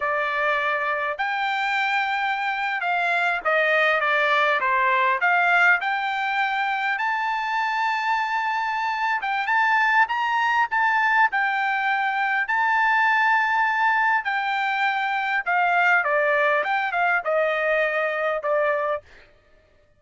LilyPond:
\new Staff \with { instrumentName = "trumpet" } { \time 4/4 \tempo 4 = 101 d''2 g''2~ | g''8. f''4 dis''4 d''4 c''16~ | c''8. f''4 g''2 a''16~ | a''2.~ a''8 g''8 |
a''4 ais''4 a''4 g''4~ | g''4 a''2. | g''2 f''4 d''4 | g''8 f''8 dis''2 d''4 | }